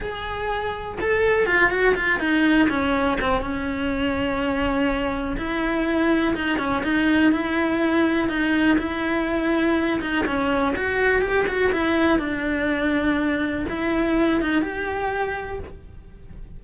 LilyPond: \new Staff \with { instrumentName = "cello" } { \time 4/4 \tempo 4 = 123 gis'2 a'4 f'8 fis'8 | f'8 dis'4 cis'4 c'8 cis'4~ | cis'2. e'4~ | e'4 dis'8 cis'8 dis'4 e'4~ |
e'4 dis'4 e'2~ | e'8 dis'8 cis'4 fis'4 g'8 fis'8 | e'4 d'2. | e'4. dis'8 g'2 | }